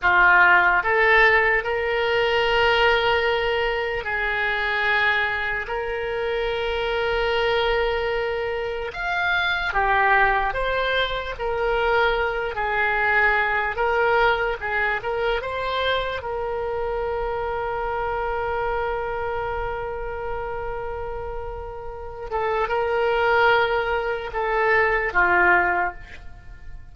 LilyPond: \new Staff \with { instrumentName = "oboe" } { \time 4/4 \tempo 4 = 74 f'4 a'4 ais'2~ | ais'4 gis'2 ais'4~ | ais'2. f''4 | g'4 c''4 ais'4. gis'8~ |
gis'4 ais'4 gis'8 ais'8 c''4 | ais'1~ | ais'2.~ ais'8 a'8 | ais'2 a'4 f'4 | }